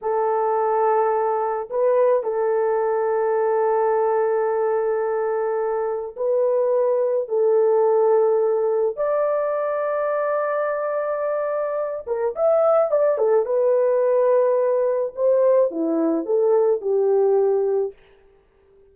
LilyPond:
\new Staff \with { instrumentName = "horn" } { \time 4/4 \tempo 4 = 107 a'2. b'4 | a'1~ | a'2. b'4~ | b'4 a'2. |
d''1~ | d''4. ais'8 e''4 d''8 a'8 | b'2. c''4 | e'4 a'4 g'2 | }